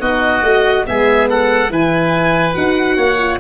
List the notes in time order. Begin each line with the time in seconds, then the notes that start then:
0.00 B3 D#4 F#4 D#5
0.42 A3 F#4
0.86 G#3 B3 G#4 E5
1.30 A4 F#5
1.70 E3 E4 B4 G#5
2.54 D#4 F#4 F#5
2.97 A#3 C#5
3.19 F4